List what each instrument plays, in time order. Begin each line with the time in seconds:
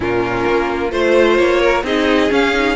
0.00 cello A#2, viola C#4, violin F4 A#4
0.47 cello A#3
0.91 cello A3, viola F4, violin C5
1.37 cello A#3, violin C#5
1.60 violin A#4
1.83 cello C4, viola D#4, violin G#4 D#5
2.30 viola C#4, cello C#4, violin F5
2.54 viola D#4